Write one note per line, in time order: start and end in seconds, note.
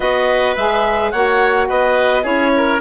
0.00 0.55 B3
0.00 0.56 F#4
0.00 1.11 B4
0.00 0.55 D#5
0.55 1.12 G#3
0.55 1.13 G#4
0.55 1.10 E5
1.10 1.69 A#3
1.10 2.22 F#4
1.10 1.68 C#5
1.10 1.66 F#5
1.68 2.24 B3
1.68 2.23 B4
1.68 2.25 D#5
2.22 2.80 C#4
2.22 2.78 E4
2.22 2.51 G#4
2.22 2.80 C#5
2.56 2.80 A#4